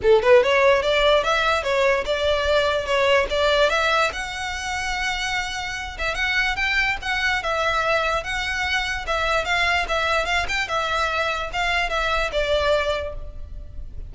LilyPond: \new Staff \with { instrumentName = "violin" } { \time 4/4 \tempo 4 = 146 a'8 b'8 cis''4 d''4 e''4 | cis''4 d''2 cis''4 | d''4 e''4 fis''2~ | fis''2~ fis''8 e''8 fis''4 |
g''4 fis''4 e''2 | fis''2 e''4 f''4 | e''4 f''8 g''8 e''2 | f''4 e''4 d''2 | }